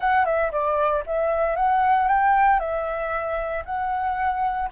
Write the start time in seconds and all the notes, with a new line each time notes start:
0.00 F#5
0.25 E5
0.51 D5
1.06 E5
1.56 F#5
2.08 G5
2.59 E5
3.65 F#5